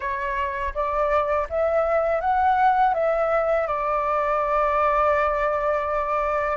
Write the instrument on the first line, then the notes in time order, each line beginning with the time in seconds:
flute
0.00 C#5
0.74 D5
1.49 E5
2.21 F#5
2.93 E5
3.67 D5